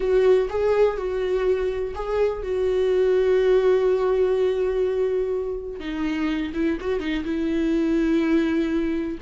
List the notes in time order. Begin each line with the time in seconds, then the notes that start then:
0.00 F#4
0.49 G#4
0.97 F#4
1.94 G#4
2.42 F#4
5.79 D#4
6.53 E4
6.80 F#4
6.99 D#4
7.24 E4